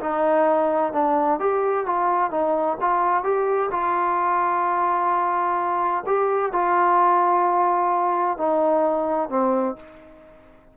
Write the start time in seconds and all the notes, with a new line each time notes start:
0.00 D#4
0.93 D4
1.40 G4
1.86 F4
2.31 D#4
2.81 F4
3.23 G4
3.71 F4
6.06 G4
6.52 F4
8.37 D#4
9.29 C4